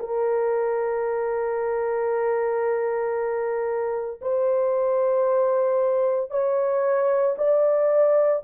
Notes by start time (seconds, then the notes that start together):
0.00 A#4
4.22 C5
6.31 C#5
7.38 D5